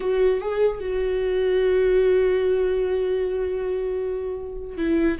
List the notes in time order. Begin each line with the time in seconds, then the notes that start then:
0.00 F#4
0.41 G#4
0.80 F#4
4.77 E4